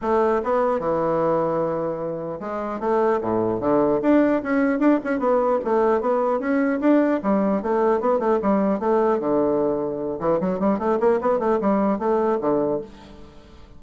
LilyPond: \new Staff \with { instrumentName = "bassoon" } { \time 4/4 \tempo 4 = 150 a4 b4 e2~ | e2 gis4 a4 | a,4 d4 d'4 cis'4 | d'8 cis'8 b4 a4 b4 |
cis'4 d'4 g4 a4 | b8 a8 g4 a4 d4~ | d4. e8 fis8 g8 a8 ais8 | b8 a8 g4 a4 d4 | }